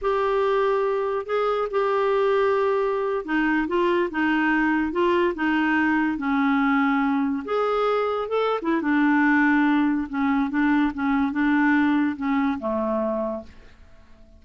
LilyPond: \new Staff \with { instrumentName = "clarinet" } { \time 4/4 \tempo 4 = 143 g'2. gis'4 | g'2.~ g'8. dis'16~ | dis'8. f'4 dis'2 f'16~ | f'8. dis'2 cis'4~ cis'16~ |
cis'4.~ cis'16 gis'2 a'16~ | a'8 e'8 d'2. | cis'4 d'4 cis'4 d'4~ | d'4 cis'4 a2 | }